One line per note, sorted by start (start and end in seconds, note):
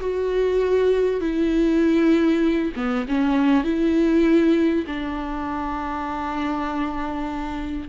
0.00 1.20 F#4
1.20 2.72 E4
2.75 3.06 B3
3.08 3.63 C#4
3.63 4.85 E4
4.86 7.88 D4